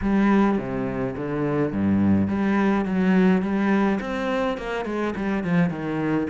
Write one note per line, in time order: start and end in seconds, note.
0.01 0.58 G3
0.58 1.15 C3
1.16 1.72 D3
1.72 2.28 G2
2.28 2.85 G3
2.85 3.42 F#3
3.42 3.99 G3
4.00 4.57 C4
4.57 4.85 A#3
4.85 5.14 G#3
5.16 5.43 G3
5.43 5.70 F3
5.70 6.27 D#3